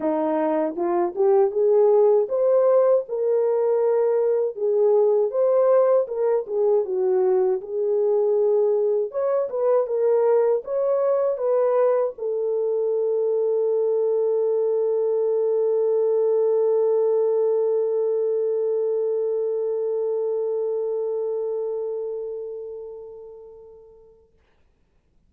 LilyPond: \new Staff \with { instrumentName = "horn" } { \time 4/4 \tempo 4 = 79 dis'4 f'8 g'8 gis'4 c''4 | ais'2 gis'4 c''4 | ais'8 gis'8 fis'4 gis'2 | cis''8 b'8 ais'4 cis''4 b'4 |
a'1~ | a'1~ | a'1~ | a'1 | }